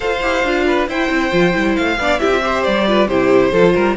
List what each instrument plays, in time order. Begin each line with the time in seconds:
0.00 cello F4, viola A4, violin C5 F5
0.22 cello E4, viola G4
0.43 cello D4, viola F4
0.66 violin B4
0.88 viola E4, cello E4, violin C5 G5
1.09 cello C4
1.31 cello F3, viola F4
1.52 cello G3, viola E4
1.76 cello A3, violin F5
1.98 cello B3, viola D4, violin D5
2.19 cello C4, viola E4, violin G4 E5
2.32 viola F4
2.41 viola G4, violin C5
2.64 cello G3, violin D5
2.87 viola F4, violin B4
3.07 cello C3, viola E4, violin G4 C5
3.51 cello F3, viola F4, violin A4
3.74 cello G3, violin A#4